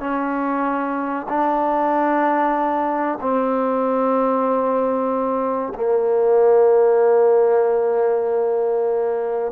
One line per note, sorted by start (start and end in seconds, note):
0.00 1.26 C#4
1.29 3.18 D4
3.20 5.73 C4
5.74 9.52 A#3